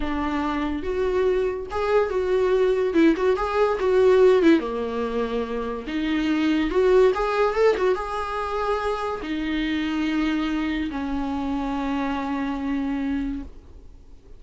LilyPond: \new Staff \with { instrumentName = "viola" } { \time 4/4 \tempo 4 = 143 d'2 fis'2 | gis'4 fis'2 e'8 fis'8 | gis'4 fis'4. e'8 ais4~ | ais2 dis'2 |
fis'4 gis'4 a'8 fis'8 gis'4~ | gis'2 dis'2~ | dis'2 cis'2~ | cis'1 | }